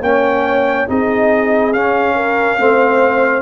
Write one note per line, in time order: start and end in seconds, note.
0.00 0.86 A#3
0.00 0.87 C#4
0.00 0.87 C#5
0.00 0.88 G5
0.87 1.74 C4
0.87 1.73 D#4
0.87 2.15 G#4
0.87 1.73 D#5
1.73 2.58 C#4
1.73 3.42 F5
2.15 2.58 A#4
2.58 3.42 A3
2.58 3.42 C4
2.58 3.42 C5